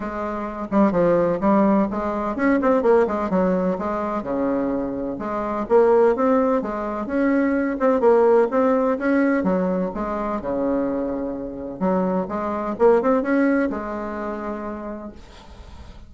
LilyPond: \new Staff \with { instrumentName = "bassoon" } { \time 4/4 \tempo 4 = 127 gis4. g8 f4 g4 | gis4 cis'8 c'8 ais8 gis8 fis4 | gis4 cis2 gis4 | ais4 c'4 gis4 cis'4~ |
cis'8 c'8 ais4 c'4 cis'4 | fis4 gis4 cis2~ | cis4 fis4 gis4 ais8 c'8 | cis'4 gis2. | }